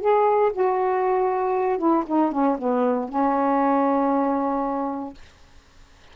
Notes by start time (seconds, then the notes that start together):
0.00 G#4
0.52 F#4
1.78 E4
2.06 D#4
2.32 C#4
2.58 B3
3.09 C#4